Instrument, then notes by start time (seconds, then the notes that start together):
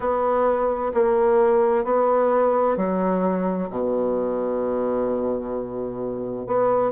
bassoon
0.00 B3
0.94 A#3
1.84 B3
2.77 F#3
3.70 B2
6.47 B3